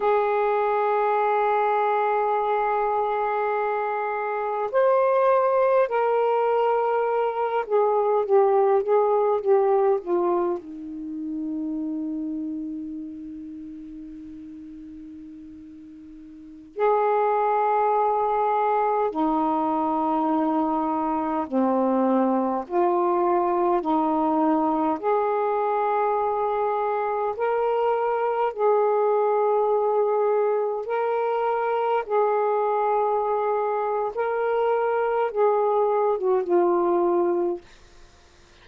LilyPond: \new Staff \with { instrumentName = "saxophone" } { \time 4/4 \tempo 4 = 51 gis'1 | c''4 ais'4. gis'8 g'8 gis'8 | g'8 f'8 dis'2.~ | dis'2~ dis'16 gis'4.~ gis'16~ |
gis'16 dis'2 c'4 f'8.~ | f'16 dis'4 gis'2 ais'8.~ | ais'16 gis'2 ais'4 gis'8.~ | gis'4 ais'4 gis'8. fis'16 f'4 | }